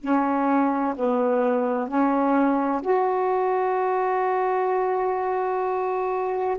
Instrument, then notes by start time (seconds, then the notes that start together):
saxophone
0.00 C#4
0.95 B3
1.87 C#4
2.82 F#4